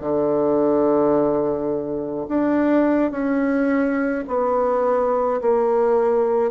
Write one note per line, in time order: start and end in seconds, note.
0.00 2.26 D3
2.28 3.11 D4
3.11 4.24 C#4
4.28 5.41 B3
5.41 6.51 A#3